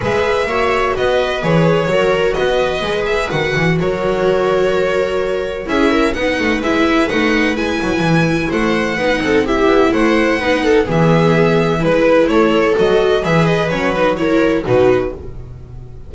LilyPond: <<
  \new Staff \with { instrumentName = "violin" } { \time 4/4 \tempo 4 = 127 e''2 dis''4 cis''4~ | cis''4 dis''4. e''8 fis''4 | cis''1 | e''4 fis''4 e''4 fis''4 |
gis''2 fis''2 | e''4 fis''2 e''4~ | e''4 b'4 cis''4 dis''4 | e''8 dis''8 cis''8 b'8 cis''4 b'4 | }
  \new Staff \with { instrumentName = "viola" } { \time 4/4 b'4 cis''4 b'2 | ais'4 b'2. | ais'1 | gis'8 ais'8 b'2.~ |
b'2 c''4 b'8 a'8 | g'4 c''4 b'8 a'8 gis'4~ | gis'4 b'4 a'2 | b'2 ais'4 fis'4 | }
  \new Staff \with { instrumentName = "viola" } { \time 4/4 gis'4 fis'2 gis'4 | fis'2 gis'4 fis'4~ | fis'1 | e'4 dis'4 e'4 dis'4 |
e'2. dis'4 | e'2 dis'4 b4~ | b4 e'2 fis'4 | gis'4 cis'8 dis'8 e'4 dis'4 | }
  \new Staff \with { instrumentName = "double bass" } { \time 4/4 gis4 ais4 b4 e4 | fis4 b4 gis4 dis8 e8 | fis1 | cis'4 b8 a8 gis4 a4 |
gis8 fis8 e4 a4 b8 c'8~ | c'8 b8 a4 b4 e4~ | e4 gis4 a4 fis4 | e4 fis2 b,4 | }
>>